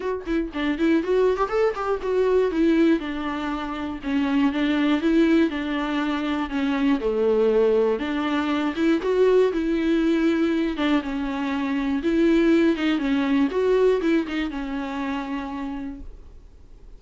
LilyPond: \new Staff \with { instrumentName = "viola" } { \time 4/4 \tempo 4 = 120 fis'8 e'8 d'8 e'8 fis'8. g'16 a'8 g'8 | fis'4 e'4 d'2 | cis'4 d'4 e'4 d'4~ | d'4 cis'4 a2 |
d'4. e'8 fis'4 e'4~ | e'4. d'8 cis'2 | e'4. dis'8 cis'4 fis'4 | e'8 dis'8 cis'2. | }